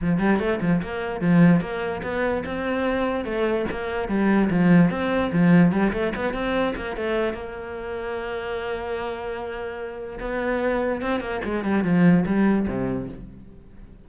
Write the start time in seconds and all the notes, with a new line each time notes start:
0.01 F3
0.18 G3
0.39 A3
0.61 F3
0.82 A#3
1.21 F3
1.60 A#3
2.02 B3
2.45 C4
3.24 A3
3.71 A#3
4.08 G3
4.50 F3
4.90 C4
5.32 F3
5.72 G3
5.93 A3
6.15 B3
6.33 C4
6.76 A#3
6.96 A3
7.33 A#3
10.19 B3
11.01 C4
11.20 A#3
11.44 G#3
11.64 G3
11.83 F3
12.25 G3
12.67 C3